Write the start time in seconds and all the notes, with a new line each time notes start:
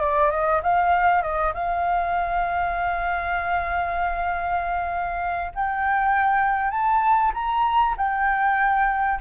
0.00 D5
0.31 D#5
0.63 F5
1.22 D#5
1.54 F5
5.54 G5
6.70 A5
7.34 A#5
7.97 G5